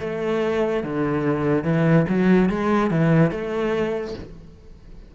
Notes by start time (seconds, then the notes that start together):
0.00 A3
0.84 D3
1.64 E3
2.09 F#3
2.50 G#3
2.91 E3
3.31 A3